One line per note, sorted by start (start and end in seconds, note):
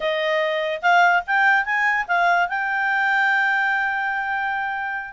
0.00 0.80 D#5
0.82 1.23 F5
1.26 1.65 G5
1.65 2.06 G#5
2.07 2.48 F5
2.48 5.13 G5